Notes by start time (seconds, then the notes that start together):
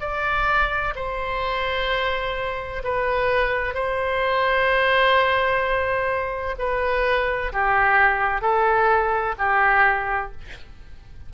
0.00 D5
0.95 C5
2.84 B4
3.74 C5
6.58 B4
7.53 G4
8.41 A4
9.38 G4